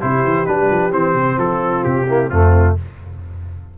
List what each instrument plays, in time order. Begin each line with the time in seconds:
0.00 tuba C3, trombone E4, horn G4, trumpet C5
0.24 tuba E3
0.46 tuba G3, trombone D4, trumpet B4
0.70 tuba F3
0.92 tuba E3, trombone C4, trumpet C5
1.15 tuba C3
1.38 tuba F3, horn F4, trumpet A4
1.84 tuba C3, trumpet G4
2.07 trombone A#3, horn E4
2.28 tuba F2, trombone A3, horn C4, trumpet F4